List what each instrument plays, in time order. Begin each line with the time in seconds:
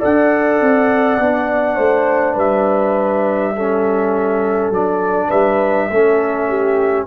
0.00 tuba D4, trombone A4, horn D5, trumpet F#5
0.61 tuba C4
1.19 tuba B3, trombone D4
1.76 tuba A3, horn C5
2.35 tuba G3, horn B4, trumpet E5
3.56 trombone C#4, horn A4
4.71 tuba F#3, trombone D4, trumpet D5
5.29 tuba G3, horn B4, trumpet E5
5.89 tuba A3, trombone C#4, horn A4
6.49 horn G4